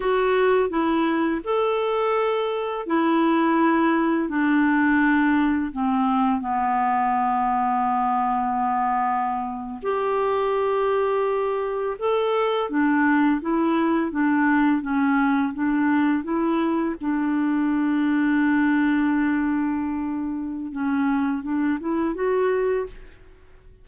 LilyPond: \new Staff \with { instrumentName = "clarinet" } { \time 4/4 \tempo 4 = 84 fis'4 e'4 a'2 | e'2 d'2 | c'4 b2.~ | b4.~ b16 g'2~ g'16~ |
g'8. a'4 d'4 e'4 d'16~ | d'8. cis'4 d'4 e'4 d'16~ | d'1~ | d'4 cis'4 d'8 e'8 fis'4 | }